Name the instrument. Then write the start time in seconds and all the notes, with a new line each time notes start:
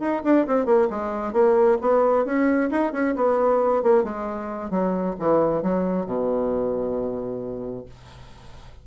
bassoon
0.00 D#4
0.24 D4
0.47 C4
0.66 A#3
0.90 G#3
1.33 A#3
1.81 B3
2.25 C#4
2.71 D#4
2.92 C#4
3.16 B3
3.83 A#3
4.04 G#3
4.71 F#3
5.19 E3
5.63 F#3
6.06 B2